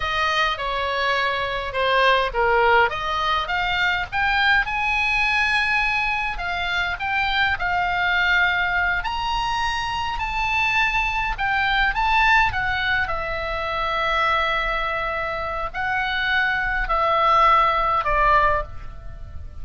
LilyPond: \new Staff \with { instrumentName = "oboe" } { \time 4/4 \tempo 4 = 103 dis''4 cis''2 c''4 | ais'4 dis''4 f''4 g''4 | gis''2. f''4 | g''4 f''2~ f''8 ais''8~ |
ais''4. a''2 g''8~ | g''8 a''4 fis''4 e''4.~ | e''2. fis''4~ | fis''4 e''2 d''4 | }